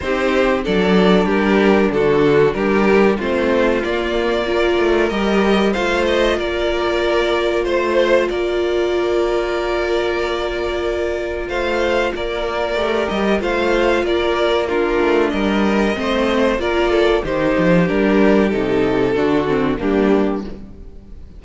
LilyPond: <<
  \new Staff \with { instrumentName = "violin" } { \time 4/4 \tempo 4 = 94 c''4 d''4 ais'4 a'4 | ais'4 c''4 d''2 | dis''4 f''8 dis''8 d''2 | c''4 d''2.~ |
d''2 f''4 d''4~ | d''8 dis''8 f''4 d''4 ais'4 | dis''2 d''4 c''4 | ais'4 a'2 g'4 | }
  \new Staff \with { instrumentName = "violin" } { \time 4/4 g'4 a'4 g'4 fis'4 | g'4 f'2 ais'4~ | ais'4 c''4 ais'2 | c''4 ais'2.~ |
ais'2 c''4 ais'4~ | ais'4 c''4 ais'4 f'4 | ais'4 c''4 ais'8 a'8 g'4~ | g'2 fis'4 d'4 | }
  \new Staff \with { instrumentName = "viola" } { \time 4/4 dis'4 d'2.~ | d'4 c'4 ais4 f'4 | g'4 f'2.~ | f'1~ |
f'1 | g'4 f'2 d'4~ | d'4 c'4 f'4 dis'4 | d'4 dis'4 d'8 c'8 ais4 | }
  \new Staff \with { instrumentName = "cello" } { \time 4/4 c'4 fis4 g4 d4 | g4 a4 ais4. a8 | g4 a4 ais2 | a4 ais2.~ |
ais2 a4 ais4 | a8 g8 a4 ais4. a8 | g4 a4 ais4 dis8 f8 | g4 c4 d4 g4 | }
>>